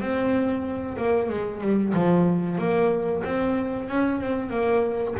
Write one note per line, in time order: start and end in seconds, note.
0.00 0.97 C4
0.97 1.29 A#3
1.29 1.61 G#3
1.61 1.93 G3
1.94 2.58 F3
2.58 3.23 A#3
3.25 3.89 C4
3.89 4.21 C#4
4.21 4.50 C4
4.50 5.14 A#3